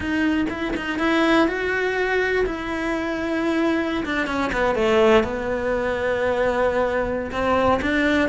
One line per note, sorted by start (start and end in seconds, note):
0.00 0.46 D#4
0.49 0.74 E4
0.76 0.99 D#4
0.99 1.47 E4
1.47 2.45 F#4
2.45 4.04 E4
4.05 4.27 D4
4.27 4.51 C#4
4.52 4.75 B3
4.75 5.23 A3
5.23 7.31 B3
7.31 7.80 C4
7.81 8.29 D4